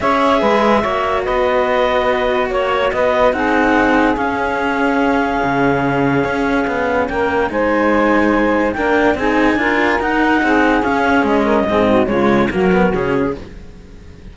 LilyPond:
<<
  \new Staff \with { instrumentName = "clarinet" } { \time 4/4 \tempo 4 = 144 e''2. dis''4~ | dis''2 cis''4 dis''4 | fis''2 f''2~ | f''1~ |
f''4 g''4 gis''2~ | gis''4 g''4 gis''2 | fis''2 f''4 dis''4~ | dis''4 cis''4 ais'4 gis'4 | }
  \new Staff \with { instrumentName = "saxophone" } { \time 4/4 cis''4 b'4 cis''4 b'4~ | b'2 cis''4 b'4 | gis'1~ | gis'1~ |
gis'4 ais'4 c''2~ | c''4 ais'4 gis'4 ais'4~ | ais'4 gis'2~ gis'8 ais'8 | gis'8 fis'8 f'4 fis'2 | }
  \new Staff \with { instrumentName = "cello" } { \time 4/4 gis'2 fis'2~ | fis'1 | dis'2 cis'2~ | cis'1~ |
cis'2 dis'2~ | dis'4 d'4 dis'4 f'4 | dis'2 cis'2 | c'4 gis4 ais8 b8 cis'4 | }
  \new Staff \with { instrumentName = "cello" } { \time 4/4 cis'4 gis4 ais4 b4~ | b2 ais4 b4 | c'2 cis'2~ | cis'4 cis2 cis'4 |
b4 ais4 gis2~ | gis4 ais4 c'4 d'4 | dis'4 c'4 cis'4 gis4 | gis,4 cis4 fis4 cis4 | }
>>